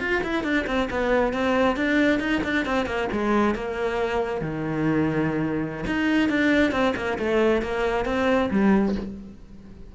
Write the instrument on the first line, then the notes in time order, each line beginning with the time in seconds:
cello
0.00 F4
0.23 E4
0.44 D4
0.67 C4
0.91 B3
1.33 C4
1.76 D4
2.20 D#4
2.44 D4
2.66 C4
2.86 A#3
3.12 G#3
3.55 A#3
4.42 D#3
5.87 D#4
6.29 D4
6.72 C4
6.96 A#3
7.19 A3
7.62 A#3
8.06 C4
8.51 G3